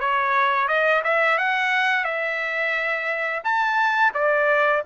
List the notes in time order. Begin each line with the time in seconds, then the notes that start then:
0.00 C#5
0.68 D#5
1.04 E5
1.38 F#5
2.04 E5
3.44 A5
4.14 D5